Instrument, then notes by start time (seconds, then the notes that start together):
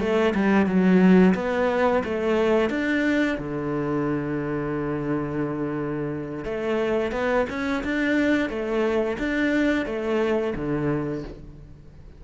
cello
0.00 A3
0.35 G3
0.66 F#3
1.35 B3
2.05 A3
2.70 D4
3.38 D3
6.45 A3
7.12 B3
7.50 C#4
7.84 D4
8.49 A3
9.19 D4
9.86 A3
10.56 D3